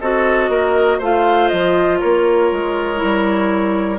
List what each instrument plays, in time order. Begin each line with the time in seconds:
0.00 bassoon C4, clarinet F#4, oboe A4, flute D#5
0.48 bassoon A#3, oboe A#4
0.98 bassoon A3, clarinet F4, oboe C5, flute F5
1.48 bassoon F3, flute D#5
1.99 bassoon A#3, oboe A#4, flute C#5
2.51 bassoon G#3
2.95 clarinet E4
3.02 bassoon G3